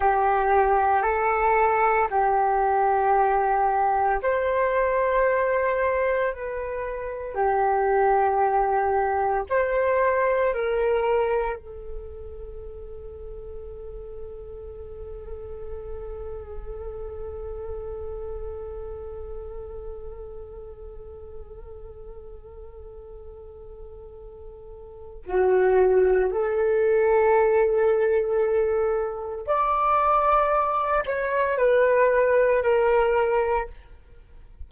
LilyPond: \new Staff \with { instrumentName = "flute" } { \time 4/4 \tempo 4 = 57 g'4 a'4 g'2 | c''2 b'4 g'4~ | g'4 c''4 ais'4 a'4~ | a'1~ |
a'1~ | a'1 | fis'4 a'2. | d''4. cis''8 b'4 ais'4 | }